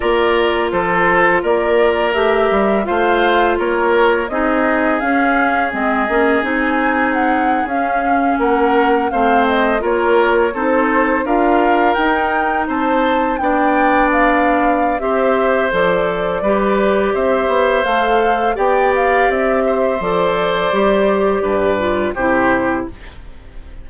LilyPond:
<<
  \new Staff \with { instrumentName = "flute" } { \time 4/4 \tempo 4 = 84 d''4 c''4 d''4 e''4 | f''4 cis''4 dis''4 f''4 | dis''4 gis''4 fis''8. f''4 fis''16~ | fis''8. f''8 dis''8 cis''4 c''4 f''16~ |
f''8. g''4 a''4 g''4 f''16~ | f''4 e''4 d''2 | e''4 f''4 g''8 f''8 e''4 | d''2. c''4 | }
  \new Staff \with { instrumentName = "oboe" } { \time 4/4 ais'4 a'4 ais'2 | c''4 ais'4 gis'2~ | gis'2.~ gis'8. ais'16~ | ais'8. c''4 ais'4 a'4 ais'16~ |
ais'4.~ ais'16 c''4 d''4~ d''16~ | d''4 c''2 b'4 | c''2 d''4. c''8~ | c''2 b'4 g'4 | }
  \new Staff \with { instrumentName = "clarinet" } { \time 4/4 f'2. g'4 | f'2 dis'4 cis'4 | c'8 cis'8 dis'4.~ dis'16 cis'4~ cis'16~ | cis'8. c'4 f'4 dis'4 f'16~ |
f'8. dis'2 d'4~ d'16~ | d'4 g'4 a'4 g'4~ | g'4 a'4 g'2 | a'4 g'4. f'8 e'4 | }
  \new Staff \with { instrumentName = "bassoon" } { \time 4/4 ais4 f4 ais4 a8 g8 | a4 ais4 c'4 cis'4 | gis8 ais8 c'4.~ c'16 cis'4 ais16~ | ais8. a4 ais4 c'4 d'16~ |
d'8. dis'4 c'4 b4~ b16~ | b4 c'4 f4 g4 | c'8 b8 a4 b4 c'4 | f4 g4 g,4 c4 | }
>>